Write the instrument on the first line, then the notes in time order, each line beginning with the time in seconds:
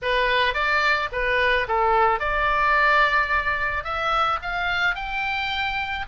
oboe
0.02 B4
0.54 D5
1.12 B4
1.68 A4
2.19 D5
3.84 E5
4.42 F5
4.95 G5